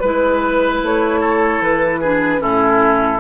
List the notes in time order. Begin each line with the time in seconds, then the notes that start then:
0.00 G#3 E4 B4
0.83 A3 C#5
1.20 A4
1.61 E3 B4
2.01 D4 G#4
2.39 A2 C#4 E4 A4